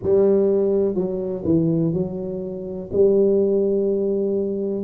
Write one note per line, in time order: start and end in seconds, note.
0.03 0.94 G3
0.94 1.43 F#3
1.44 1.93 E3
1.93 2.89 F#3
2.92 4.84 G3